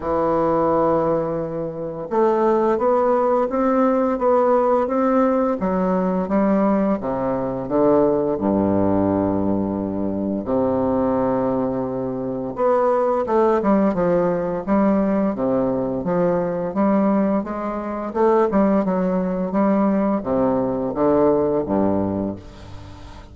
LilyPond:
\new Staff \with { instrumentName = "bassoon" } { \time 4/4 \tempo 4 = 86 e2. a4 | b4 c'4 b4 c'4 | fis4 g4 c4 d4 | g,2. c4~ |
c2 b4 a8 g8 | f4 g4 c4 f4 | g4 gis4 a8 g8 fis4 | g4 c4 d4 g,4 | }